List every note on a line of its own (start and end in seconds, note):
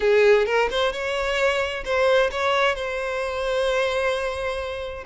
0.00 0.46 G#4
0.46 0.69 A#4
0.70 0.92 C5
0.92 1.83 C#5
1.84 2.30 C5
2.31 2.75 C#5
2.75 5.04 C5